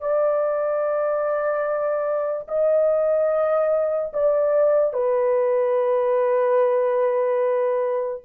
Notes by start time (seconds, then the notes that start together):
0.00 D5
2.48 D#5
4.13 D5
4.93 B4